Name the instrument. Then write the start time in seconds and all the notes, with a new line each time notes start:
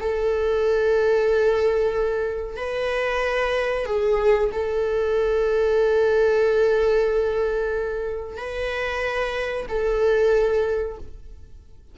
viola
0.00 A4
2.57 B4
3.86 G#4
4.52 A4
8.37 B4
9.69 A4